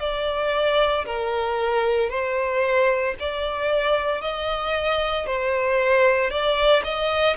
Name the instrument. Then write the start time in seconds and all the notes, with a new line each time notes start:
violin
0.00 D5
1.06 A#4
2.10 C5
3.20 D5
4.22 D#5
5.26 C5
6.30 D5
6.84 D#5